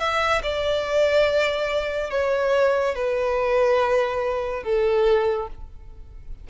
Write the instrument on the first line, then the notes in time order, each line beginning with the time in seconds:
violin
0.00 E5
0.43 D5
2.11 C#5
2.95 B4
4.64 A4